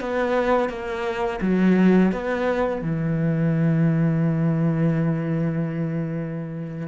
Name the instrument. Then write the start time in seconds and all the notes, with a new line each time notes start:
cello
0.00 B3
0.69 A#3
1.41 F#3
2.12 B3
2.82 E3